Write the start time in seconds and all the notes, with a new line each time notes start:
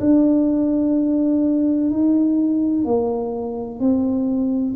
0.00 D4
1.90 D#4
2.85 A#3
3.80 C4